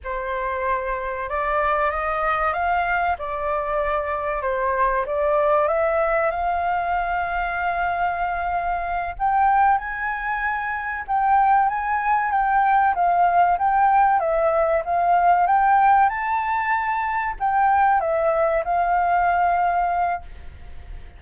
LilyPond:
\new Staff \with { instrumentName = "flute" } { \time 4/4 \tempo 4 = 95 c''2 d''4 dis''4 | f''4 d''2 c''4 | d''4 e''4 f''2~ | f''2~ f''8 g''4 gis''8~ |
gis''4. g''4 gis''4 g''8~ | g''8 f''4 g''4 e''4 f''8~ | f''8 g''4 a''2 g''8~ | g''8 e''4 f''2~ f''8 | }